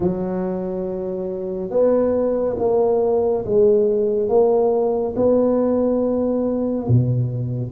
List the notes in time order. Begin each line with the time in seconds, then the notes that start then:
0.00 F#3
1.70 B3
2.59 A#3
3.45 G#3
4.28 A#3
5.15 B3
6.88 B2